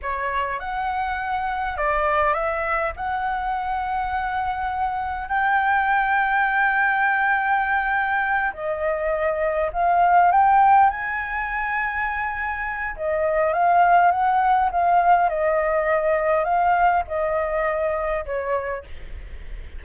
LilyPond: \new Staff \with { instrumentName = "flute" } { \time 4/4 \tempo 4 = 102 cis''4 fis''2 d''4 | e''4 fis''2.~ | fis''4 g''2.~ | g''2~ g''8 dis''4.~ |
dis''8 f''4 g''4 gis''4.~ | gis''2 dis''4 f''4 | fis''4 f''4 dis''2 | f''4 dis''2 cis''4 | }